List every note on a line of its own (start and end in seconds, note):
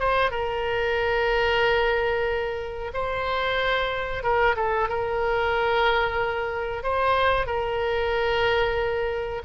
0.00 0.31 C5
0.31 2.92 A#4
2.94 4.24 C5
4.24 4.56 A#4
4.57 4.89 A4
4.89 6.84 A#4
6.84 7.47 C5
7.47 9.42 A#4